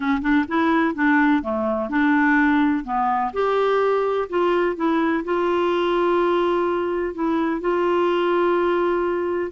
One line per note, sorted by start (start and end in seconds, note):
0.00 0.21 C#4
0.21 0.45 D4
0.48 0.95 E4
0.95 1.42 D4
1.42 1.89 A3
1.89 2.84 D4
2.84 3.32 B3
3.33 4.28 G4
4.29 4.76 F4
4.76 5.23 E4
5.24 7.14 F4
7.14 7.60 E4
7.60 9.51 F4